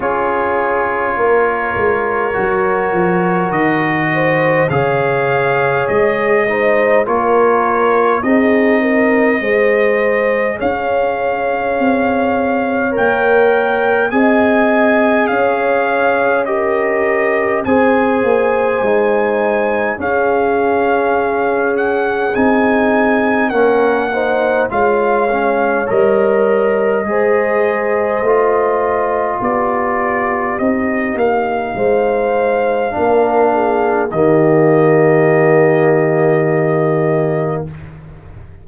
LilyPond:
<<
  \new Staff \with { instrumentName = "trumpet" } { \time 4/4 \tempo 4 = 51 cis''2. dis''4 | f''4 dis''4 cis''4 dis''4~ | dis''4 f''2 g''4 | gis''4 f''4 dis''4 gis''4~ |
gis''4 f''4. fis''8 gis''4 | fis''4 f''4 dis''2~ | dis''4 d''4 dis''8 f''4.~ | f''4 dis''2. | }
  \new Staff \with { instrumentName = "horn" } { \time 4/4 gis'4 ais'2~ ais'8 c''8 | cis''4. c''8 ais'4 gis'8 ais'8 | c''4 cis''2. | dis''4 cis''4 ais'4 c''4~ |
c''4 gis'2. | ais'8 c''8 cis''2 c''4~ | c''4 g'2 c''4 | ais'8 gis'8 g'2. | }
  \new Staff \with { instrumentName = "trombone" } { \time 4/4 f'2 fis'2 | gis'4. dis'8 f'4 dis'4 | gis'2. ais'4 | gis'2 g'4 gis'4 |
dis'4 cis'2 dis'4 | cis'8 dis'8 f'8 cis'8 ais'4 gis'4 | f'2 dis'2 | d'4 ais2. | }
  \new Staff \with { instrumentName = "tuba" } { \time 4/4 cis'4 ais8 gis8 fis8 f8 dis4 | cis4 gis4 ais4 c'4 | gis4 cis'4 c'4 ais4 | c'4 cis'2 c'8 ais8 |
gis4 cis'2 c'4 | ais4 gis4 g4 gis4 | a4 b4 c'8 ais8 gis4 | ais4 dis2. | }
>>